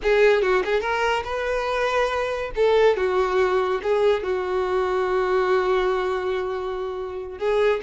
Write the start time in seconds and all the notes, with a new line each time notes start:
0.02 G#4
0.41 F#4
0.65 G#4
0.80 A#4
1.24 B4
2.55 A4
2.97 F#4
3.82 G#4
4.23 F#4
7.38 G#4